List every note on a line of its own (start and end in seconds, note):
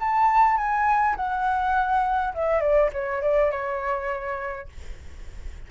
0.00 0.57 A5
0.57 1.16 G#5
1.17 2.34 F#5
2.34 2.61 E5
2.61 2.90 D5
2.93 3.22 C#5
3.22 3.51 D5
3.51 4.69 C#5